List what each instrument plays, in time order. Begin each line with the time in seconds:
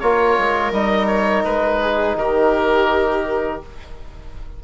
0.00 bassoon A#3, trombone F4, viola A#4, oboe C#5
0.38 bassoon G#3
0.72 bassoon G3, trombone D#4, oboe D#5
1.07 oboe C#5
1.45 bassoon G#3, oboe B4
1.82 viola G#4
2.16 bassoon D#3, viola G4, oboe A#4